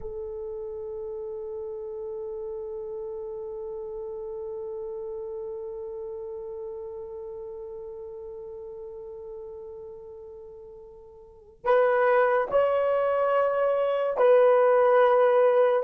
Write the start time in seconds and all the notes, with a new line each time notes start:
0.00 A4
11.64 B4
12.50 C#5
14.17 B4